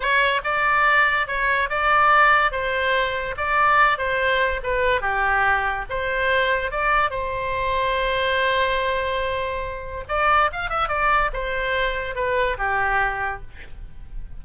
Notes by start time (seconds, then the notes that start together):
0.00 C#5
0.43 D5
1.27 C#5
1.69 D5
2.51 C5
3.37 D5
3.97 C5
4.63 B4
5.01 G4
5.89 C5
6.71 D5
7.10 C5
10.08 D5
10.52 F5
10.69 E5
10.88 D5
11.33 C5
12.15 B4
12.57 G4